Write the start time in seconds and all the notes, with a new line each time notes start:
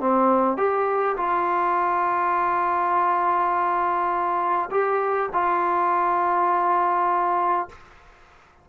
0.00 C4
0.57 G4
1.17 F4
4.71 G4
5.33 F4